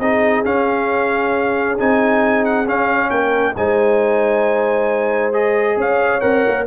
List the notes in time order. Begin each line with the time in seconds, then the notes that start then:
0.00 C4 D#4 G#4 D#5
0.45 C#4 F5
1.79 C4 D#4 G#5
2.45 F#5
2.66 C#4 F5
3.10 A#3 A#4 G5
3.56 G#3 D#4 C5 G#5
5.33 G#4 D#5
5.77 C#4 C#5 F5
6.21 C4 A#4 F#5
6.48 A#3